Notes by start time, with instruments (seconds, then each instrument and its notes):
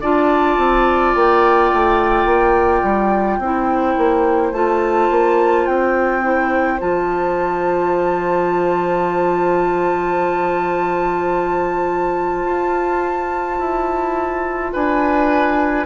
0.00 bassoon D4, clarinet F4, oboe D5, flute A5
0.57 bassoon C4
1.14 bassoon A#3, flute G5
1.72 bassoon A3
2.25 bassoon A#3
2.83 bassoon G3
3.37 bassoon C4, clarinet E4, oboe C5
3.97 bassoon A#3
4.52 bassoon A3, clarinet F4, flute A5
5.10 bassoon A#3
5.66 bassoon C4, flute G5
6.22 clarinet E4
6.79 bassoon F3, clarinet F4, flute A5
12.45 bassoon F4
13.58 bassoon E4
14.72 bassoon D4, oboe B4, flute G#5